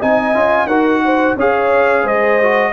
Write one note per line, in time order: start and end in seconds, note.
0.00 0.35 C4
0.00 0.34 D#4
0.00 0.67 D#5
0.00 0.67 G#5
0.34 0.65 C#4
0.34 0.68 F4
0.65 1.34 D#4
0.65 1.37 F#4
0.65 1.01 A#4
0.65 1.35 F#5
1.04 1.36 C5
1.36 2.04 C#4
1.36 2.41 G#4
1.36 2.03 C#5
1.36 2.07 F5
2.03 2.72 G#3
2.03 2.71 C5
2.03 2.72 D#5
2.42 2.72 F#4